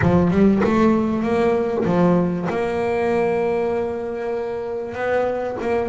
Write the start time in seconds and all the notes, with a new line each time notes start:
0.01 F3
0.30 G3
0.63 A3
1.22 A#3
1.85 F3
2.49 A#3
4.95 B3
5.61 A#3